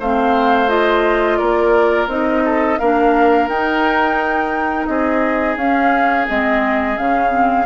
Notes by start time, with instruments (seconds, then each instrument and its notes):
0.00 bassoon A3, clarinet C4, oboe C5, flute F5
0.69 clarinet F4, flute D#5
1.38 bassoon A#3, oboe A#4, flute D5
2.08 bassoon C4, clarinet D#4, flute D#5
2.45 oboe A4
2.79 bassoon A#3, clarinet D4, oboe A#4, flute F5
3.48 bassoon D#4, clarinet D#4, flute G5
4.86 bassoon C4, oboe G#4, flute D#5
5.57 bassoon C#4, clarinet C#4, flute F5
6.28 bassoon G#3, clarinet C4, flute D#5
6.97 bassoon C#3, clarinet C#4, flute F5
7.30 clarinet C4